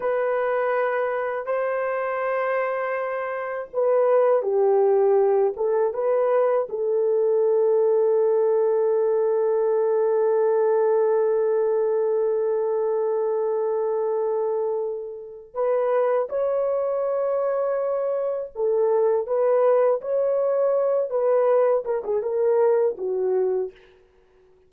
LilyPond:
\new Staff \with { instrumentName = "horn" } { \time 4/4 \tempo 4 = 81 b'2 c''2~ | c''4 b'4 g'4. a'8 | b'4 a'2.~ | a'1~ |
a'1~ | a'4 b'4 cis''2~ | cis''4 a'4 b'4 cis''4~ | cis''8 b'4 ais'16 gis'16 ais'4 fis'4 | }